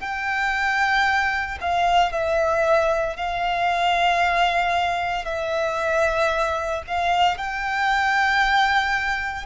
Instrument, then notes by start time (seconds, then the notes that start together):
violin
0.00 G5
1.61 F5
2.12 E5
3.17 F5
5.25 E5
6.87 F5
7.38 G5